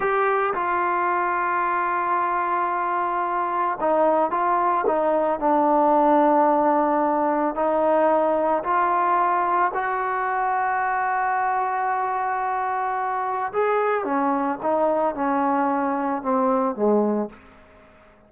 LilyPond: \new Staff \with { instrumentName = "trombone" } { \time 4/4 \tempo 4 = 111 g'4 f'2.~ | f'2. dis'4 | f'4 dis'4 d'2~ | d'2 dis'2 |
f'2 fis'2~ | fis'1~ | fis'4 gis'4 cis'4 dis'4 | cis'2 c'4 gis4 | }